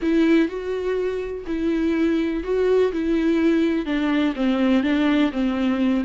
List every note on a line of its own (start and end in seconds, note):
0.01 0.48 E4
0.48 1.45 F#4
1.46 2.43 E4
2.43 2.92 F#4
2.92 3.85 E4
3.85 4.34 D4
4.35 4.83 C4
4.83 5.31 D4
5.31 6.04 C4